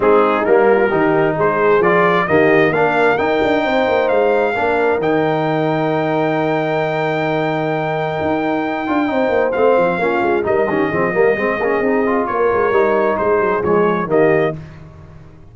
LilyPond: <<
  \new Staff \with { instrumentName = "trumpet" } { \time 4/4 \tempo 4 = 132 gis'4 ais'2 c''4 | d''4 dis''4 f''4 g''4~ | g''4 f''2 g''4~ | g''1~ |
g''1~ | g''4 f''2 dis''4~ | dis''2. cis''4~ | cis''4 c''4 cis''4 dis''4 | }
  \new Staff \with { instrumentName = "horn" } { \time 4/4 dis'4. f'8 g'4 gis'4~ | gis'4 g'4 ais'2 | c''2 ais'2~ | ais'1~ |
ais'1 | c''2 f'4 ais'8 g'8 | gis'8 ais'8 gis'2 ais'4~ | ais'4 gis'2 g'4 | }
  \new Staff \with { instrumentName = "trombone" } { \time 4/4 c'4 ais4 dis'2 | f'4 ais4 d'4 dis'4~ | dis'2 d'4 dis'4~ | dis'1~ |
dis'2.~ dis'8 f'8 | dis'4 c'4 cis'4 dis'8 cis'8 | c'8 ais8 c'8 cis'8 dis'8 f'4. | dis'2 gis4 ais4 | }
  \new Staff \with { instrumentName = "tuba" } { \time 4/4 gis4 g4 dis4 gis4 | f4 dis4 ais4 dis'8 d'8 | c'8 ais8 gis4 ais4 dis4~ | dis1~ |
dis2 dis'4. d'8 | c'8 ais8 a8 f8 ais8 gis8 g8 dis8 | f8 g8 gis8 ais8 c'4 ais8 gis8 | g4 gis8 fis8 f4 dis4 | }
>>